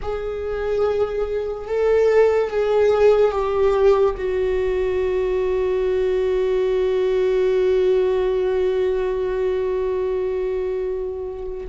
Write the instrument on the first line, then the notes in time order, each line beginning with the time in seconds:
viola
0.02 G#4
1.67 A4
2.50 G#4
3.31 G4
4.17 F#4